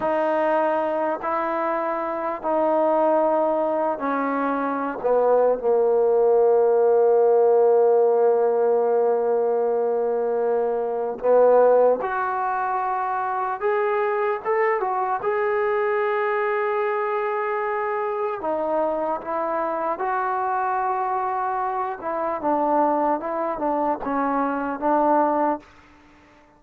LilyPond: \new Staff \with { instrumentName = "trombone" } { \time 4/4 \tempo 4 = 75 dis'4. e'4. dis'4~ | dis'4 cis'4~ cis'16 b8. ais4~ | ais1~ | ais2 b4 fis'4~ |
fis'4 gis'4 a'8 fis'8 gis'4~ | gis'2. dis'4 | e'4 fis'2~ fis'8 e'8 | d'4 e'8 d'8 cis'4 d'4 | }